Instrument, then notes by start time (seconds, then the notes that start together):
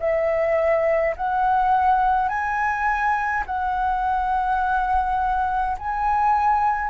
flute
0.00 E5
1.17 F#5
2.29 G#5
3.47 F#5
5.79 G#5